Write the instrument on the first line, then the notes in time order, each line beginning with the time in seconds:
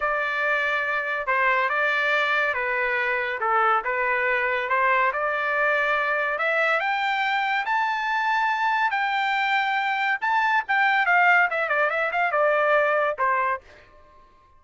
trumpet
0.00 D5
1.26 C5
1.69 D5
2.54 B4
3.40 A4
3.84 B4
4.69 C5
5.13 D5
6.38 E5
6.80 G5
7.65 A5
8.91 G5
10.21 A5
10.68 G5
11.06 F5
11.50 E5
11.68 D5
11.90 E5
12.12 F5
12.31 D5
13.18 C5